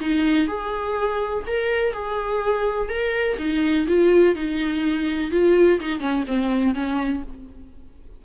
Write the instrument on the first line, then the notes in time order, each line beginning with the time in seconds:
viola
0.00 D#4
0.48 G#4
1.47 A#4
1.93 G#4
2.89 A#4
3.38 D#4
3.87 F4
4.35 D#4
5.31 F4
5.80 D#4
6.00 C#4
6.27 C4
6.74 C#4